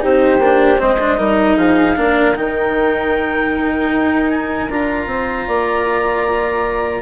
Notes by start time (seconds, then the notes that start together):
0.00 C4 D#4 G4 C5
0.38 A#3 D4
0.78 G#3 C4 C5 D#5
1.00 D4
1.18 G3 D#4 A#4
1.57 F3 G#4 F5
1.96 A#3 D4 A#4
2.35 D#3 D#4 G5
3.92 D#4
4.30 G#5
4.70 D4 F4 A#5
5.06 C4 C5
5.47 A#3 D5